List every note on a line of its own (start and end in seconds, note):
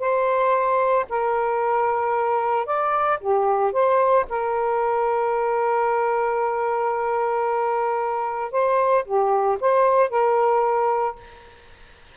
0.00 1.06 C5
1.10 2.66 A#4
2.66 3.19 D5
3.21 3.73 G4
3.73 4.26 C5
4.30 8.52 A#4
8.52 9.05 C5
9.06 9.59 G4
9.61 10.10 C5
10.10 11.16 A#4